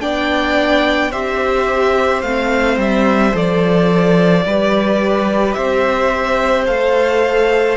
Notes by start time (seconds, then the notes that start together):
0.00 B3 D4 D5 G5
1.11 C4 G4 C5 E5
2.22 A3 C4 F5
2.78 G3 E5
3.32 F3 A4 D5
4.46 G3 G4 B4
5.53 C4 C5 E5
6.66 A3 A4 F5